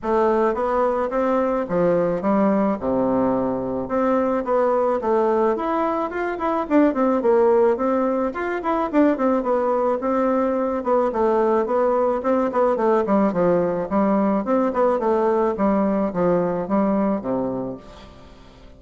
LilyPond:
\new Staff \with { instrumentName = "bassoon" } { \time 4/4 \tempo 4 = 108 a4 b4 c'4 f4 | g4 c2 c'4 | b4 a4 e'4 f'8 e'8 | d'8 c'8 ais4 c'4 f'8 e'8 |
d'8 c'8 b4 c'4. b8 | a4 b4 c'8 b8 a8 g8 | f4 g4 c'8 b8 a4 | g4 f4 g4 c4 | }